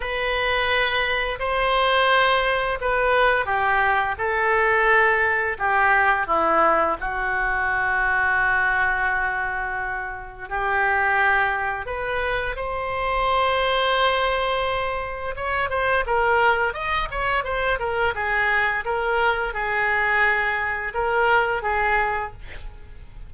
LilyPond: \new Staff \with { instrumentName = "oboe" } { \time 4/4 \tempo 4 = 86 b'2 c''2 | b'4 g'4 a'2 | g'4 e'4 fis'2~ | fis'2. g'4~ |
g'4 b'4 c''2~ | c''2 cis''8 c''8 ais'4 | dis''8 cis''8 c''8 ais'8 gis'4 ais'4 | gis'2 ais'4 gis'4 | }